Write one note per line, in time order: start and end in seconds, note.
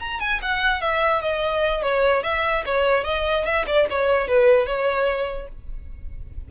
0.00 0.20 A#5
0.20 0.41 G#5
0.42 0.81 F#5
0.81 1.22 E5
1.22 1.83 D#5
1.83 2.23 C#5
2.24 2.64 E5
2.66 3.04 C#5
3.04 3.45 D#5
3.45 3.65 E5
3.67 3.87 D5
3.90 4.28 C#5
4.28 4.67 B4
4.67 5.48 C#5